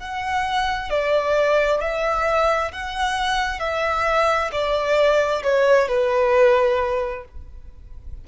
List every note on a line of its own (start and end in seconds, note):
0.00 0.90 F#5
0.90 1.81 D5
1.81 2.71 E5
2.71 3.60 F#5
3.60 4.50 E5
4.52 5.43 D5
5.43 5.88 C#5
5.88 7.24 B4